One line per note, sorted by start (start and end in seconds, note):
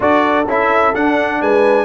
0.00 0.46 D4
0.00 0.44 F#4
0.00 1.40 A4
0.00 0.48 D5
0.47 0.94 C#4
0.47 0.94 E4
0.47 0.95 E5
0.94 1.84 D4
0.94 1.41 D4
0.94 1.41 F#5
1.41 1.84 G#3
1.41 1.84 B4
1.41 1.84 G#5